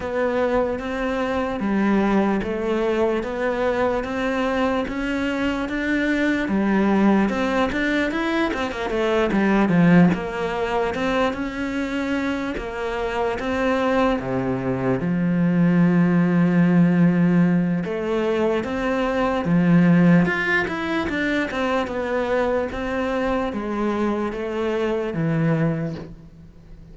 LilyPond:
\new Staff \with { instrumentName = "cello" } { \time 4/4 \tempo 4 = 74 b4 c'4 g4 a4 | b4 c'4 cis'4 d'4 | g4 c'8 d'8 e'8 c'16 ais16 a8 g8 | f8 ais4 c'8 cis'4. ais8~ |
ais8 c'4 c4 f4.~ | f2 a4 c'4 | f4 f'8 e'8 d'8 c'8 b4 | c'4 gis4 a4 e4 | }